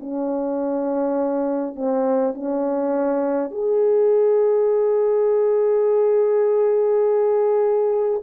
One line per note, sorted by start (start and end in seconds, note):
0.00 1.76 C#4
1.76 2.35 C4
2.35 3.51 C#4
3.51 8.22 G#4